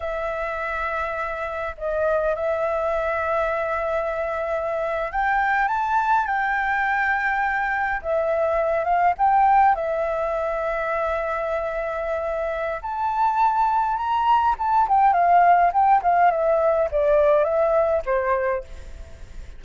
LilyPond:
\new Staff \with { instrumentName = "flute" } { \time 4/4 \tempo 4 = 103 e''2. dis''4 | e''1~ | e''8. g''4 a''4 g''4~ g''16~ | g''4.~ g''16 e''4. f''8 g''16~ |
g''8. e''2.~ e''16~ | e''2 a''2 | ais''4 a''8 g''8 f''4 g''8 f''8 | e''4 d''4 e''4 c''4 | }